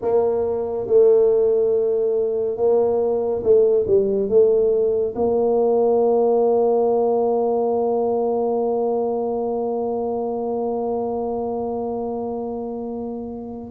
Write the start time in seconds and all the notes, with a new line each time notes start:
0.01 A#3
0.86 A3
2.56 A#3
3.43 A3
3.86 G3
4.29 A3
5.15 A#3